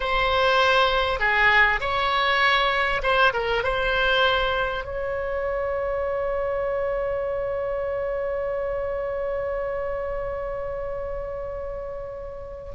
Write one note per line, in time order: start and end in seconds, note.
0.00 1.19 C5
1.19 1.80 G#4
1.80 3.01 C#5
3.02 3.33 C5
3.33 3.63 A#4
3.63 4.84 C5
4.84 12.72 C#5